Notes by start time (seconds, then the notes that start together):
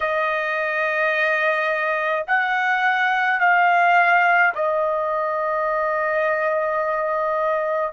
0.00 D#5
2.27 F#5
3.40 F5
4.54 D#5